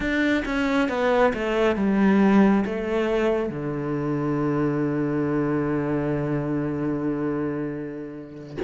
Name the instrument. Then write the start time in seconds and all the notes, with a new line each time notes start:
cello
0.00 D4
0.45 C#4
0.88 B3
1.33 A3
1.76 G3
2.65 A3
3.49 D3